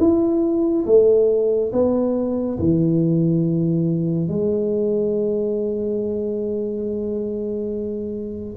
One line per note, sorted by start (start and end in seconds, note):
0.00 0.86 E4
0.86 1.72 A3
1.73 2.59 B3
2.59 4.29 E3
4.29 8.57 G#3